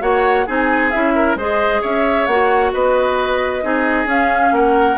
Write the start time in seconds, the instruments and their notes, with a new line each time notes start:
0.00 bassoon A#3, clarinet F#4, oboe C#5, flute F#5
0.46 bassoon C4, clarinet D#4, oboe G#4, flute G#5
0.90 bassoon C#4, clarinet E4, flute E5
1.14 oboe A#4
1.35 bassoon G#3, clarinet G#4, oboe C5, flute D#5
1.81 bassoon C#4, oboe C#5, flute E5
2.26 bassoon A#3, clarinet F#4, flute F#5
2.73 bassoon B3, oboe B4, flute D#5
3.62 bassoon C4, clarinet D#4, oboe G#4
4.05 bassoon C#4, clarinet C#4, flute F5
4.51 bassoon A#3, oboe A#4, flute F#5